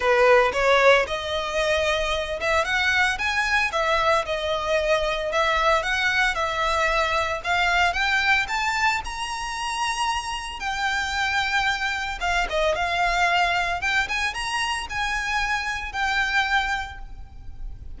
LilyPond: \new Staff \with { instrumentName = "violin" } { \time 4/4 \tempo 4 = 113 b'4 cis''4 dis''2~ | dis''8 e''8 fis''4 gis''4 e''4 | dis''2 e''4 fis''4 | e''2 f''4 g''4 |
a''4 ais''2. | g''2. f''8 dis''8 | f''2 g''8 gis''8 ais''4 | gis''2 g''2 | }